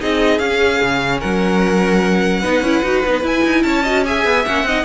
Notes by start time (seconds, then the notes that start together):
0.00 C4 D#4 G#4 D#5
0.39 C#4 F5
0.82 C#3
1.19 F#3 A#4 F#5
2.40 B3 D#4 B4
2.61 C#4 E4
2.83 D#4 F#4
3.06 B3 D#4
3.22 E4 G#5
3.44 D#4
3.63 C#4 C#5 A5
3.83 F#4 D#5
4.05 G#4 E5 G#5
4.24 B3
4.45 A#3 C#4 F#5
4.63 C4 D#4 D#5